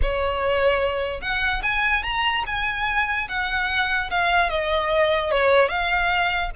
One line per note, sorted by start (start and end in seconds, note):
0.02 1.21 C#5
1.21 1.62 F#5
1.63 2.03 G#5
2.03 2.44 A#5
2.46 3.28 G#5
3.28 4.09 F#5
4.10 4.49 F5
4.49 5.31 D#5
5.31 5.68 C#5
5.68 6.50 F5